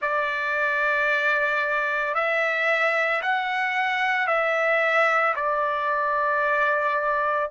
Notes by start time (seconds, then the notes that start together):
0.01 D5
2.14 E5
3.21 F#5
4.27 E5
5.35 D5